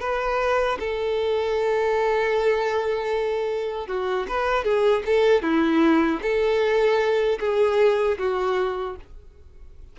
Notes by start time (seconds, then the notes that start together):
0.00 B4
0.79 A4
3.87 F#4
4.28 B4
4.64 G#4
5.05 A4
5.42 E4
6.22 A4
7.40 G#4
8.18 F#4